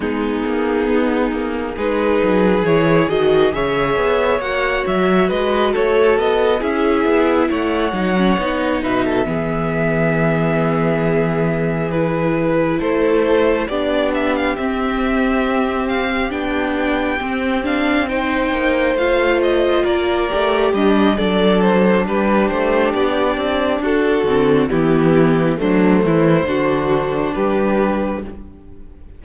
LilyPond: <<
  \new Staff \with { instrumentName = "violin" } { \time 4/4 \tempo 4 = 68 gis'2 b'4 cis''8 dis''8 | e''4 fis''8 e''8 dis''8 cis''8 dis''8 e''8~ | e''8 fis''4. e''2~ | e''4. b'4 c''4 d''8 |
e''16 f''16 e''4. f''8 g''4. | f''8 g''4 f''8 dis''8 d''4 dis''8 | d''8 c''8 b'8 c''8 d''4 a'4 | g'4 c''2 b'4 | }
  \new Staff \with { instrumentName = "violin" } { \time 4/4 dis'2 gis'2 | cis''2 b'8 a'4 gis'8~ | gis'8 cis''4. b'16 a'16 gis'4.~ | gis'2~ gis'8 a'4 g'8~ |
g'1~ | g'8 c''2 ais'4 d'8 | a'4 g'2 fis'4 | e'4 d'8 e'8 fis'4 g'4 | }
  \new Staff \with { instrumentName = "viola" } { \time 4/4 b2 dis'4 e'8 fis'8 | gis'4 fis'2~ fis'8 e'8~ | e'4 dis'16 cis'16 dis'4 b4.~ | b4. e'2 d'8~ |
d'8 c'2 d'4 c'8 | d'8 dis'4 f'4. g'4 | d'2.~ d'8 c'8 | b4 a4 d'2 | }
  \new Staff \with { instrumentName = "cello" } { \time 4/4 gis8 ais8 b8 ais8 gis8 fis8 e8 dis8 | cis8 b8 ais8 fis8 gis8 a8 b8 cis'8 | b8 a8 fis8 b8 b,8 e4.~ | e2~ e8 a4 b8~ |
b8 c'2 b4 c'8~ | c'4 ais8 a4 ais8 a8 g8 | fis4 g8 a8 b8 c'8 d'8 d8 | e4 fis8 e8 d4 g4 | }
>>